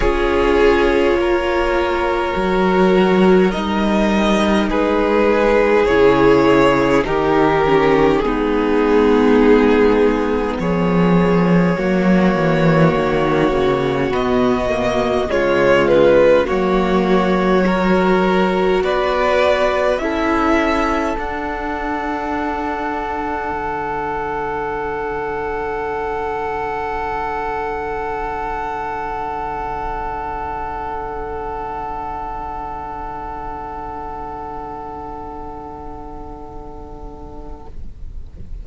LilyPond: <<
  \new Staff \with { instrumentName = "violin" } { \time 4/4 \tempo 4 = 51 cis''2. dis''4 | b'4 cis''4 ais'4 gis'4~ | gis'4 cis''2. | dis''4 cis''8 b'8 cis''2 |
d''4 e''4 fis''2~ | fis''1~ | fis''1~ | fis''1 | }
  \new Staff \with { instrumentName = "violin" } { \time 4/4 gis'4 ais'2. | gis'2 g'4 dis'4~ | dis'4 gis'4 fis'2~ | fis'4 f'4 fis'4 ais'4 |
b'4 a'2.~ | a'1~ | a'1~ | a'1 | }
  \new Staff \with { instrumentName = "viola" } { \time 4/4 f'2 fis'4 dis'4~ | dis'4 e'4 dis'8 cis'8 b4~ | b2 ais2 | b8 ais8 gis4 ais4 fis'4~ |
fis'4 e'4 d'2~ | d'1~ | d'1~ | d'1 | }
  \new Staff \with { instrumentName = "cello" } { \time 4/4 cis'4 ais4 fis4 g4 | gis4 cis4 dis4 gis4~ | gis4 f4 fis8 e8 dis8 cis8 | b,4 cis4 fis2 |
b4 cis'4 d'2 | d1~ | d1~ | d1 | }
>>